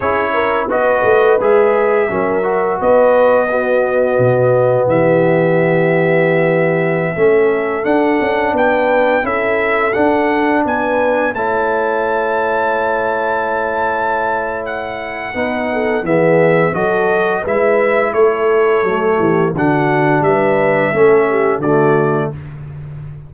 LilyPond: <<
  \new Staff \with { instrumentName = "trumpet" } { \time 4/4 \tempo 4 = 86 cis''4 dis''4 e''2 | dis''2. e''4~ | e''2.~ e''16 fis''8.~ | fis''16 g''4 e''4 fis''4 gis''8.~ |
gis''16 a''2.~ a''8.~ | a''4 fis''2 e''4 | dis''4 e''4 cis''2 | fis''4 e''2 d''4 | }
  \new Staff \with { instrumentName = "horn" } { \time 4/4 gis'8 ais'8 b'2 ais'4 | b'4 fis'2 g'4~ | g'2~ g'16 a'4.~ a'16~ | a'16 b'4 a'2 b'8.~ |
b'16 cis''2.~ cis''8.~ | cis''2 b'8 a'8 gis'4 | a'4 b'4 a'4. g'8 | fis'4 b'4 a'8 g'8 fis'4 | }
  \new Staff \with { instrumentName = "trombone" } { \time 4/4 e'4 fis'4 gis'4 cis'8 fis'8~ | fis'4 b2.~ | b2~ b16 cis'4 d'8.~ | d'4~ d'16 e'4 d'4.~ d'16~ |
d'16 e'2.~ e'8.~ | e'2 dis'4 b4 | fis'4 e'2 a4 | d'2 cis'4 a4 | }
  \new Staff \with { instrumentName = "tuba" } { \time 4/4 cis'4 b8 a8 gis4 fis4 | b2 b,4 e4~ | e2~ e16 a4 d'8 cis'16~ | cis'16 b4 cis'4 d'4 b8.~ |
b16 a2.~ a8.~ | a2 b4 e4 | fis4 gis4 a4 fis8 e8 | d4 g4 a4 d4 | }
>>